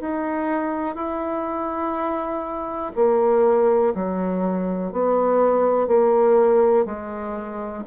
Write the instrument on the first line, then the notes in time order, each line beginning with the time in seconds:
bassoon
0.00 D#4
0.95 E4
2.96 A#3
3.94 F#3
4.92 B3
5.87 A#3
6.85 G#3